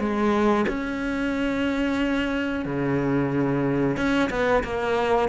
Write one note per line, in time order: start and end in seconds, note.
0.00 0.66 G#3
0.68 2.66 C#4
2.66 3.97 C#3
3.97 4.30 C#4
4.30 4.63 B3
4.64 5.29 A#3